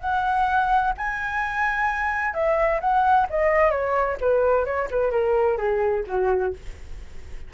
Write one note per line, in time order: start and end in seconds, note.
0.00 0.93 F#5
0.97 2.33 G#5
2.33 2.80 E5
2.80 3.27 F#5
3.30 3.70 D#5
3.70 4.17 C#5
4.21 4.65 B4
4.65 4.88 C#5
4.90 5.11 B4
5.11 5.57 A#4
5.57 6.04 G#4
6.07 6.53 F#4